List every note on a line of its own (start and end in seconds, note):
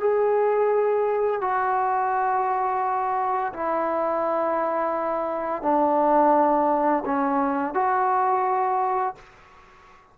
0.00 1.41 G#4
1.41 3.53 F#4
3.53 5.62 E4
5.62 7.04 D4
7.05 7.74 C#4
7.74 9.15 F#4